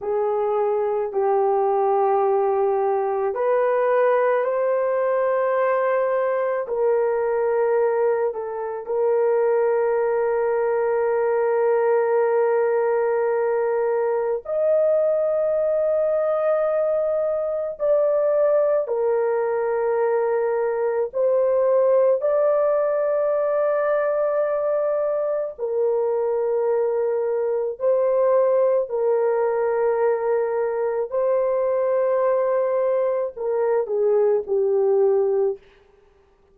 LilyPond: \new Staff \with { instrumentName = "horn" } { \time 4/4 \tempo 4 = 54 gis'4 g'2 b'4 | c''2 ais'4. a'8 | ais'1~ | ais'4 dis''2. |
d''4 ais'2 c''4 | d''2. ais'4~ | ais'4 c''4 ais'2 | c''2 ais'8 gis'8 g'4 | }